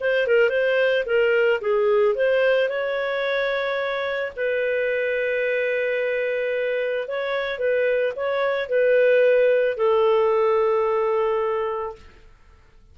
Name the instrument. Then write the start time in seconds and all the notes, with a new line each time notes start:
clarinet
0.00 C5
0.27 A#4
0.49 C5
1.06 A#4
1.61 G#4
2.15 C5
2.69 C#5
4.36 B4
7.08 C#5
7.58 B4
8.16 C#5
8.69 B4
9.77 A4